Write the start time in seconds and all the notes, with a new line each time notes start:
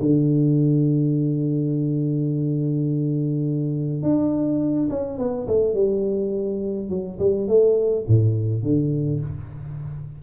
0.00 D3
4.02 D4
4.89 C#4
5.18 B3
5.47 A3
5.74 G3
6.89 F#3
7.19 G3
7.47 A3
8.07 A2
8.62 D3